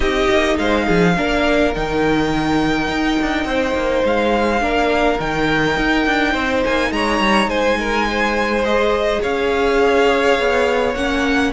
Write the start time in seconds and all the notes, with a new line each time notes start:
0.00 C4 D#4 G4 D#5
0.30 A#3
0.58 G#3 C5 F5
0.85 F3 G#4
1.16 A#3 D4 A#4
1.74 D#3 D#4 G5
2.88 D#4
3.21 D4
3.44 C4 C5
3.74 A#3
4.04 G#3 F5
4.60 A#3 D4 A#4
5.18 D#3 D#4 G5
5.77 D#4
6.06 D4
6.31 C4 C5
6.64 A#3 G#5
6.91 G#3 C#5 A#5
7.19 G3
7.45 G#3 C5 G#5
7.79 A#4
8.09 C5
8.63 G#4 D#5
9.21 C#4 C#5 F5
10.39 B3
10.94 A#3 C#4 F#5